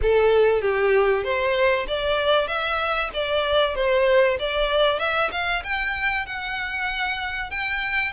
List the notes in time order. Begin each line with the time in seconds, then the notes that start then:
0.02 A4
0.61 G4
1.24 C5
1.87 D5
2.47 E5
3.13 D5
3.75 C5
4.39 D5
4.99 E5
5.31 F5
5.63 G5
6.26 F#5
7.50 G5